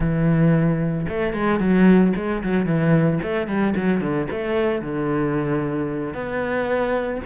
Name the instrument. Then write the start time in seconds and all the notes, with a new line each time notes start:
cello
0.00 E3
1.08 A3
1.33 G#3
1.59 F#3
2.16 G#3
2.43 F#3
2.65 E3
3.23 A3
3.47 G3
3.75 F#3
4.01 D3
4.31 A3
4.81 D3
6.13 B3